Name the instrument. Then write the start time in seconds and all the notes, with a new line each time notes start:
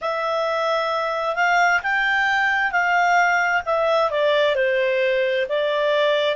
clarinet
0.01 E5
1.35 F5
1.83 G5
2.71 F5
3.65 E5
4.10 D5
4.55 C5
5.48 D5